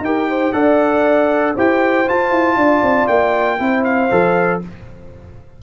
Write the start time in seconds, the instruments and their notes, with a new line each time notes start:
0.00 tuba D#4, trombone G4, horn A#4, trumpet G5
0.30 horn C5
0.53 tuba D4, trombone A4, horn D5, trumpet F#5
1.55 tuba E4, trombone G4, horn C5, trumpet G5
2.07 trombone F4, tuba F4, trumpet A5
2.31 tuba E4
2.57 tuba D4, horn D5
2.82 tuba C4
3.08 tuba A#3, trumpet G5
3.59 tuba C4, trombone E4, horn C5
3.84 trumpet F5
4.11 tuba F3, trombone A4